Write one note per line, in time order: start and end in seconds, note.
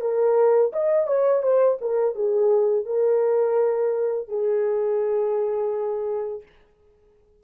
0.00 0.71 A#4
0.72 1.06 D#5
1.06 1.42 C#5
1.42 1.78 C5
1.81 2.15 A#4
2.15 2.85 G#4
2.85 4.28 A#4
4.28 6.42 G#4